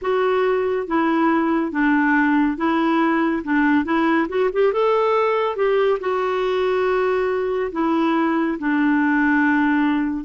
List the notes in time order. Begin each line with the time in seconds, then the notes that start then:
0.01 F#4
0.87 E4
1.71 D4
2.57 E4
3.44 D4
3.84 E4
4.28 F#4
4.52 G4
4.72 A4
5.56 G4
6.00 F#4
7.72 E4
8.58 D4